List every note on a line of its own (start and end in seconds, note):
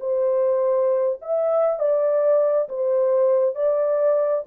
0.00 1.19 C5
1.22 1.79 E5
1.79 2.68 D5
2.68 3.55 C5
3.55 4.44 D5